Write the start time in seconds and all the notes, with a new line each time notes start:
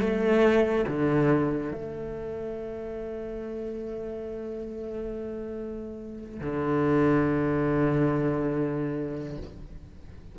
0.00 A3
0.87 D3
1.72 A3
6.40 D3